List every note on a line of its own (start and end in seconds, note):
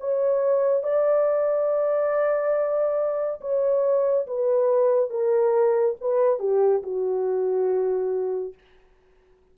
0.00 0.83 C#5
0.83 3.41 D5
3.41 4.27 C#5
4.27 5.10 B4
5.10 5.96 A#4
6.00 6.39 B4
6.39 6.82 G4
6.83 8.54 F#4